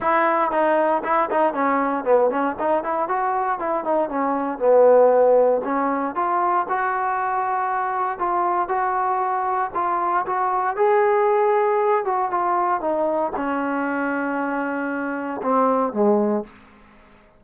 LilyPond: \new Staff \with { instrumentName = "trombone" } { \time 4/4 \tempo 4 = 117 e'4 dis'4 e'8 dis'8 cis'4 | b8 cis'8 dis'8 e'8 fis'4 e'8 dis'8 | cis'4 b2 cis'4 | f'4 fis'2. |
f'4 fis'2 f'4 | fis'4 gis'2~ gis'8 fis'8 | f'4 dis'4 cis'2~ | cis'2 c'4 gis4 | }